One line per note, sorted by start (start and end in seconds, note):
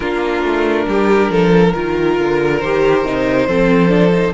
0.00 0.43 A#3
0.00 1.74 D4
0.00 0.85 F4
0.00 2.59 A#4
0.43 0.86 A3
0.87 1.29 G3
0.87 1.31 G4
1.29 1.73 F3
1.29 1.73 A4
1.73 2.19 D#3
1.73 2.61 F4
1.73 3.47 A#4
2.19 2.62 D3
2.59 3.04 D#3
2.59 3.05 G4
2.59 4.33 C5
3.04 3.47 C3
3.04 3.47 D#4
3.47 4.33 F3
3.47 3.89 C4
3.47 4.33 A4
3.89 4.11 D4
4.11 4.32 D#4